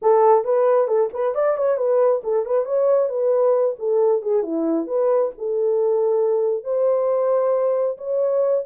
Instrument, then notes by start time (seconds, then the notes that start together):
horn
0.01 A4
0.44 B4
0.87 A4
1.13 B4
1.34 D5
1.57 C#5
1.77 B4
2.23 A4
2.45 B4
2.65 C#5
3.09 B4
3.78 A4
4.22 G#4
4.43 E4
4.86 B4
5.38 A4
6.63 C5
7.97 C#5